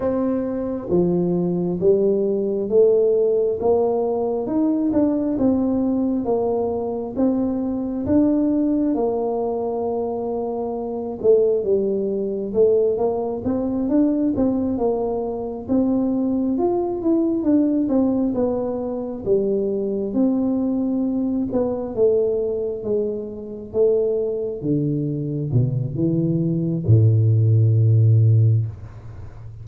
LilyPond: \new Staff \with { instrumentName = "tuba" } { \time 4/4 \tempo 4 = 67 c'4 f4 g4 a4 | ais4 dis'8 d'8 c'4 ais4 | c'4 d'4 ais2~ | ais8 a8 g4 a8 ais8 c'8 d'8 |
c'8 ais4 c'4 f'8 e'8 d'8 | c'8 b4 g4 c'4. | b8 a4 gis4 a4 d8~ | d8 b,8 e4 a,2 | }